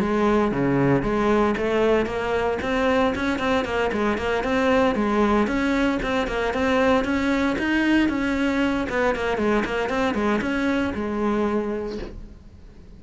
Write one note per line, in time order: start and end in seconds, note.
0.00 0.52 G#3
0.52 1.02 C#3
1.02 1.55 G#3
1.57 2.06 A3
2.06 2.58 A#3
2.62 3.14 C4
3.15 3.39 C#4
3.39 3.65 C4
3.65 3.91 A#3
3.92 4.18 G#3
4.18 4.43 A#3
4.43 4.95 C4
4.95 5.47 G#3
5.47 5.99 C#4
6.03 6.28 C4
6.28 6.54 A#3
6.54 7.04 C4
7.04 7.57 C#4
7.58 8.09 D#4
8.09 8.87 C#4
8.89 9.15 B3
9.15 9.37 A#3
9.37 9.64 G#3
9.65 9.89 A#3
9.89 10.15 C4
10.15 10.41 G#3
10.41 10.93 C#4
10.94 11.99 G#3